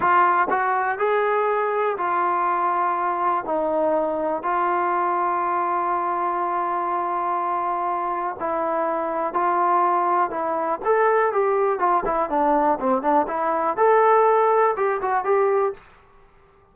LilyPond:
\new Staff \with { instrumentName = "trombone" } { \time 4/4 \tempo 4 = 122 f'4 fis'4 gis'2 | f'2. dis'4~ | dis'4 f'2.~ | f'1~ |
f'4 e'2 f'4~ | f'4 e'4 a'4 g'4 | f'8 e'8 d'4 c'8 d'8 e'4 | a'2 g'8 fis'8 g'4 | }